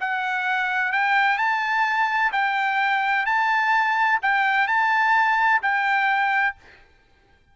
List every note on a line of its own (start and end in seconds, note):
0.00 0.92 F#5
0.92 1.38 G5
1.38 2.32 A5
2.32 3.26 G5
3.26 4.20 A5
4.22 4.67 G5
4.67 5.61 A5
5.62 6.56 G5